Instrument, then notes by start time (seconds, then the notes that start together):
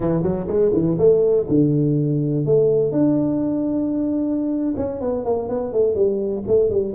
tuba
0.00 E3
0.23 F#3
0.47 G#3
0.73 E3
0.98 A3
1.48 D3
2.45 A3
2.92 D4
4.76 C#4
5.00 B3
5.25 A#3
5.49 B3
5.73 A3
5.95 G3
6.47 A3
6.69 G3